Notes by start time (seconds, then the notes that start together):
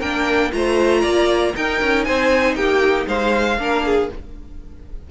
0.00 A#3 D4 A#4 G5
0.52 A3 F4 C5 A#5
1.02 A#3 D5
1.54 D#4 A#4 G5
1.82 C#4
2.04 C4 C5 G#5
2.56 A#3 G4 G5
3.07 G#3 C5 F5
3.58 A#3 D4 A#4
3.86 G#4